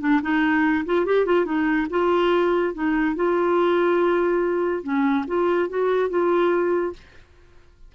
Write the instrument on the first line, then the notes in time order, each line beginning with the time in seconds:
clarinet
0.00 D4
0.22 D#4
0.86 F4
1.06 G4
1.26 F4
1.45 D#4
1.90 F4
2.74 D#4
3.16 F4
4.83 C#4
5.27 F4
5.69 F#4
6.09 F4